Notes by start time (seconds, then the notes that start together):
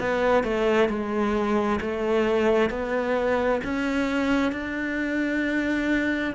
0.00 B3
0.44 A3
0.89 G#3
1.81 A3
2.70 B3
3.64 C#4
4.52 D4